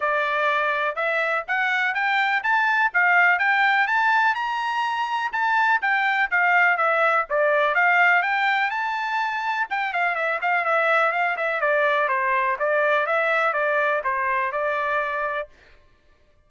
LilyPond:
\new Staff \with { instrumentName = "trumpet" } { \time 4/4 \tempo 4 = 124 d''2 e''4 fis''4 | g''4 a''4 f''4 g''4 | a''4 ais''2 a''4 | g''4 f''4 e''4 d''4 |
f''4 g''4 a''2 | g''8 f''8 e''8 f''8 e''4 f''8 e''8 | d''4 c''4 d''4 e''4 | d''4 c''4 d''2 | }